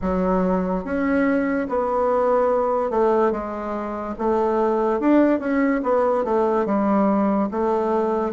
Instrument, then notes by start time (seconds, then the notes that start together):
bassoon
0.02 F#3
0.84 C#4
1.68 B3
2.90 A3
3.31 G#3
4.18 A3
5.00 D4
5.39 C#4
5.83 B3
6.24 A3
6.65 G3
7.51 A3